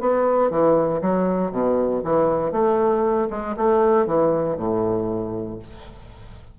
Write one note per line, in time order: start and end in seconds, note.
0.00 0.50 B3
0.50 1.01 E3
1.01 1.51 F#3
1.51 2.02 B2
2.04 2.52 E3
2.52 3.28 A3
3.30 3.55 G#3
3.57 4.06 A3
4.06 4.57 E3
4.57 5.58 A2